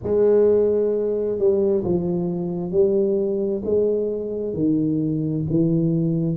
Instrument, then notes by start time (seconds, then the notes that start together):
tuba
0.02 G#3
1.38 G3
1.83 F3
2.71 G3
3.64 G#3
4.53 D#3
5.50 E3